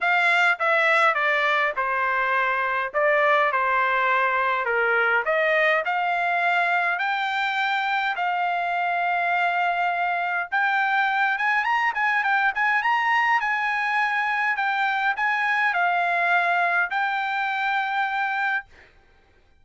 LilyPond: \new Staff \with { instrumentName = "trumpet" } { \time 4/4 \tempo 4 = 103 f''4 e''4 d''4 c''4~ | c''4 d''4 c''2 | ais'4 dis''4 f''2 | g''2 f''2~ |
f''2 g''4. gis''8 | ais''8 gis''8 g''8 gis''8 ais''4 gis''4~ | gis''4 g''4 gis''4 f''4~ | f''4 g''2. | }